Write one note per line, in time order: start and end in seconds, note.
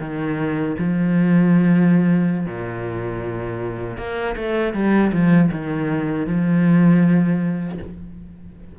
0.00 0.76 D#3
0.78 2.46 F3
2.46 3.98 A#2
3.98 4.36 A#3
4.36 4.73 A3
4.73 5.11 G3
5.12 5.50 F3
5.52 6.27 D#3
6.27 7.78 F3